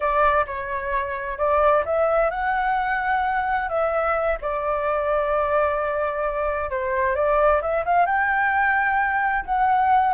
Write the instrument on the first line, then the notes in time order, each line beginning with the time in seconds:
flute
0.00 D5
0.46 C#5
1.37 D5
1.85 E5
2.30 F#5
3.68 E5
4.41 D5
6.70 C5
7.15 D5
7.61 E5
7.85 F5
8.06 G5
9.45 F#5